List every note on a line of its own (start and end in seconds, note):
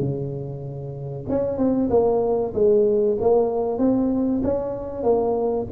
0.00 1.26 C#3
1.30 1.58 C#4
1.58 1.90 C4
1.91 2.54 A#3
2.55 3.18 G#3
3.21 3.79 A#3
3.79 4.42 C4
4.44 5.04 C#4
5.04 5.67 A#3